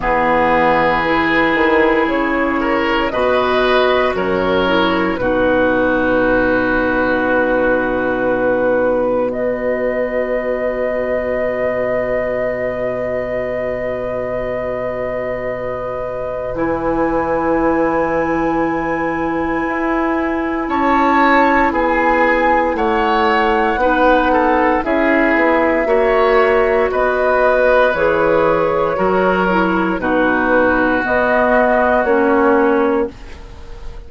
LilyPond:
<<
  \new Staff \with { instrumentName = "flute" } { \time 4/4 \tempo 4 = 58 b'2 cis''4 dis''4 | cis''4 b'2.~ | b'4 dis''2.~ | dis''1 |
gis''1 | a''4 gis''4 fis''2 | e''2 dis''4 cis''4~ | cis''4 b'4 dis''4 cis''4 | }
  \new Staff \with { instrumentName = "oboe" } { \time 4/4 gis'2~ gis'8 ais'8 b'4 | ais'4 fis'2.~ | fis'4 b'2.~ | b'1~ |
b'1 | cis''4 gis'4 cis''4 b'8 a'8 | gis'4 cis''4 b'2 | ais'4 fis'2. | }
  \new Staff \with { instrumentName = "clarinet" } { \time 4/4 b4 e'2 fis'4~ | fis'8 e'8 dis'2.~ | dis'4 fis'2.~ | fis'1 |
e'1~ | e'2. dis'4 | e'4 fis'2 gis'4 | fis'8 e'8 dis'4 b4 cis'4 | }
  \new Staff \with { instrumentName = "bassoon" } { \time 4/4 e4. dis8 cis4 b,4 | fis,4 b,2.~ | b,1~ | b,1 |
e2. e'4 | cis'4 b4 a4 b4 | cis'8 b8 ais4 b4 e4 | fis4 b,4 b4 ais4 | }
>>